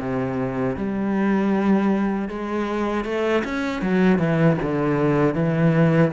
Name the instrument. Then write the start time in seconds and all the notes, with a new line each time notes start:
cello
0.00 C3
0.77 G3
2.29 G#3
3.05 A3
3.45 C#4
3.83 F#3
4.19 E3
4.63 D3
5.35 E3